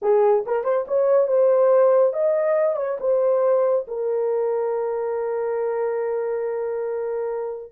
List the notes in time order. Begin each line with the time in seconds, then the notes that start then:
0.02 G#4
0.46 A#4
0.64 C5
0.87 C#5
1.27 C5
2.13 D#5
2.76 C#5
3.00 C5
3.87 A#4